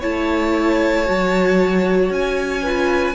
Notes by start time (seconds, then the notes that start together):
0.00 A3 E4 C#5 A5
1.06 F#3 F#4
2.10 C#4 G#5
2.62 F4 B4